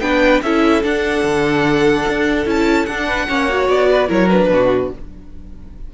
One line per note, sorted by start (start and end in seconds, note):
0.00 0.41 B3
0.00 0.42 D4
0.00 0.43 B4
0.00 0.41 G5
0.42 0.83 C#4
0.42 0.82 E4
0.42 3.06 A4
0.42 0.83 E5
0.82 2.45 D4
0.82 1.23 D4
0.82 2.47 F#5
1.23 2.05 D3
2.08 2.46 D4
2.45 2.86 C#4
2.45 2.86 E4
2.45 2.86 A5
2.86 3.27 D4
2.86 3.29 D4
2.86 3.67 F#5
3.06 3.26 B4
3.28 3.68 A#3
3.28 3.49 C#4
3.28 3.89 C#5
3.49 4.07 F#4
3.68 4.09 B3
3.68 4.09 D5
3.90 4.08 B4
4.07 4.49 F#3
4.07 4.28 E4
4.07 4.49 A#4
4.07 4.29 C#5
4.29 4.94 D4
4.29 4.90 B4
4.49 4.90 B2
4.49 4.93 F#4